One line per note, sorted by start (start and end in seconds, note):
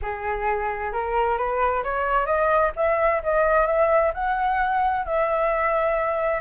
0.01 0.92 G#4
0.92 1.37 A#4
1.37 1.83 B4
1.83 2.26 C#5
2.26 2.71 D#5
2.76 3.21 E5
3.23 3.66 D#5
3.66 4.12 E5
4.14 5.05 F#5
5.05 6.41 E5